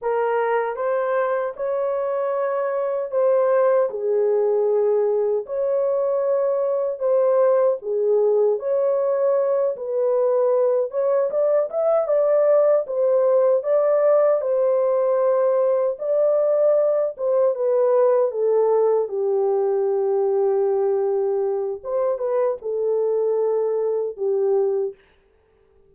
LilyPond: \new Staff \with { instrumentName = "horn" } { \time 4/4 \tempo 4 = 77 ais'4 c''4 cis''2 | c''4 gis'2 cis''4~ | cis''4 c''4 gis'4 cis''4~ | cis''8 b'4. cis''8 d''8 e''8 d''8~ |
d''8 c''4 d''4 c''4.~ | c''8 d''4. c''8 b'4 a'8~ | a'8 g'2.~ g'8 | c''8 b'8 a'2 g'4 | }